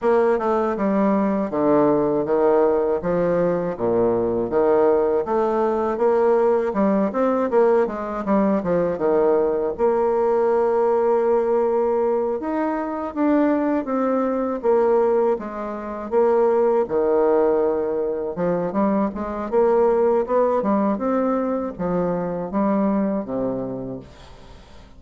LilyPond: \new Staff \with { instrumentName = "bassoon" } { \time 4/4 \tempo 4 = 80 ais8 a8 g4 d4 dis4 | f4 ais,4 dis4 a4 | ais4 g8 c'8 ais8 gis8 g8 f8 | dis4 ais2.~ |
ais8 dis'4 d'4 c'4 ais8~ | ais8 gis4 ais4 dis4.~ | dis8 f8 g8 gis8 ais4 b8 g8 | c'4 f4 g4 c4 | }